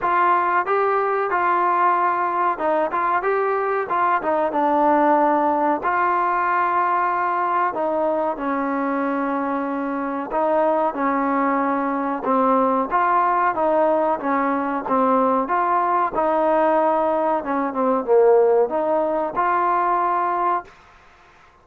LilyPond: \new Staff \with { instrumentName = "trombone" } { \time 4/4 \tempo 4 = 93 f'4 g'4 f'2 | dis'8 f'8 g'4 f'8 dis'8 d'4~ | d'4 f'2. | dis'4 cis'2. |
dis'4 cis'2 c'4 | f'4 dis'4 cis'4 c'4 | f'4 dis'2 cis'8 c'8 | ais4 dis'4 f'2 | }